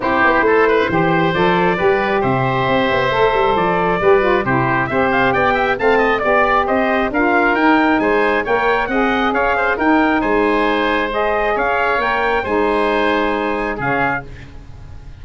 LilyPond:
<<
  \new Staff \with { instrumentName = "trumpet" } { \time 4/4 \tempo 4 = 135 c''2. d''4~ | d''4 e''2. | d''2 c''4 e''8 f''8 | g''4 a''4 d''4 dis''4 |
f''4 g''4 gis''4 g''4 | fis''4 f''4 g''4 gis''4~ | gis''4 dis''4 f''4 g''4 | gis''2. f''4 | }
  \new Staff \with { instrumentName = "oboe" } { \time 4/4 g'4 a'8 b'8 c''2 | b'4 c''2.~ | c''4 b'4 g'4 c''4 | d''8 e''8 f''8 dis''8 d''4 c''4 |
ais'2 c''4 cis''4 | dis''4 cis''8 c''8 ais'4 c''4~ | c''2 cis''2 | c''2. gis'4 | }
  \new Staff \with { instrumentName = "saxophone" } { \time 4/4 e'2 g'4 a'4 | g'2. a'4~ | a'4 g'8 f'8 e'4 g'4~ | g'4 c'4 g'2 |
f'4 dis'2 ais'4 | gis'2 dis'2~ | dis'4 gis'2 ais'4 | dis'2. cis'4 | }
  \new Staff \with { instrumentName = "tuba" } { \time 4/4 c'8 b8 a4 e4 f4 | g4 c4 c'8 b8 a8 g8 | f4 g4 c4 c'4 | b4 a4 b4 c'4 |
d'4 dis'4 gis4 ais4 | c'4 cis'4 dis'4 gis4~ | gis2 cis'4 ais4 | gis2. cis4 | }
>>